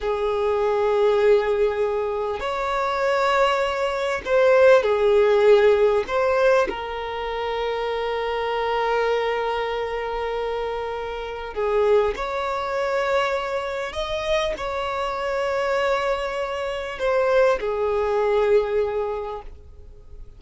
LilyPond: \new Staff \with { instrumentName = "violin" } { \time 4/4 \tempo 4 = 99 gis'1 | cis''2. c''4 | gis'2 c''4 ais'4~ | ais'1~ |
ais'2. gis'4 | cis''2. dis''4 | cis''1 | c''4 gis'2. | }